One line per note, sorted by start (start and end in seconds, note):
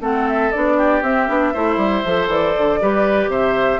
0.00 0.50 A3
0.00 0.52 C4
0.00 0.76 A4
0.00 0.28 F#5
0.28 0.51 E5
0.51 1.02 B3
0.51 1.03 D4
0.51 1.02 D5
0.77 1.52 G4
1.02 1.27 C4
1.02 1.28 C4
1.02 2.28 E5
1.28 1.53 B3
1.28 1.53 D4
1.53 1.76 A3
1.53 2.04 E4
1.53 2.79 C5
1.76 2.01 G3
2.05 2.27 F3
2.05 2.80 A4
2.27 2.53 E3
2.27 3.30 D5
2.57 2.81 D3
2.80 3.28 G3
2.80 3.80 G4
2.80 3.30 B4
3.28 3.78 C3
3.28 3.80 C5
3.28 3.80 E5